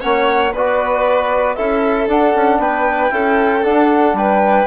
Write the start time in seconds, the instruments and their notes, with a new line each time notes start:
0.00 bassoon A#3, trombone C#4, violin C#5, flute F#5
0.53 bassoon B3, trombone F#4, violin B4, flute D5
1.55 bassoon C#4, trombone E4, violin A4, flute E5
2.08 bassoon D4, trombone D4, flute F#5
2.35 bassoon C#4
2.59 bassoon B3, violin B4, flute G5
3.10 bassoon C#4, trombone E4, violin A4
3.63 trombone D4, bassoon D4, flute F#5
4.14 bassoon G3, violin B4, flute G5